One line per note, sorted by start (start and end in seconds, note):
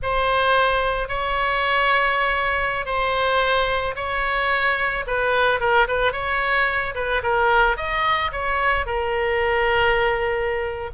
0.02 1.08 C5
1.08 2.85 C#5
2.85 3.94 C5
3.95 5.05 C#5
5.06 5.60 B4
5.60 5.87 A#4
5.87 6.12 B4
6.12 6.94 C#5
6.94 7.22 B4
7.22 7.76 A#4
7.76 8.31 D#5
8.32 8.85 C#5
8.85 10.90 A#4